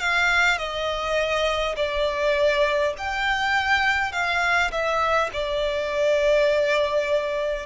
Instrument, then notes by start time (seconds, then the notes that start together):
violin
0.00 F5
0.58 D#5
1.76 D5
2.98 G5
4.12 F5
4.72 E5
5.33 D5